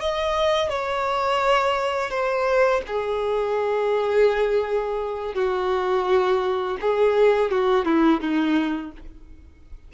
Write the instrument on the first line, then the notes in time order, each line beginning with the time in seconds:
violin
0.00 D#5
0.69 C#5
2.10 C5
2.87 G#4
5.34 F#4
6.81 G#4
7.51 F#4
7.85 E4
8.20 D#4